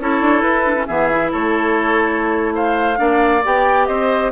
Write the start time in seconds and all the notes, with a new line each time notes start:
0.00 C#4 E4 A4 C#5
0.21 D4
0.42 E4 B4
0.65 D4
0.76 C#4
0.87 E3 B3 G#4 E5
1.11 E4
1.31 A3 A4 C#5
2.55 C5 F5
2.97 A#3 D4 D5
3.44 B3 G4 G5
3.86 C4 C5 D#5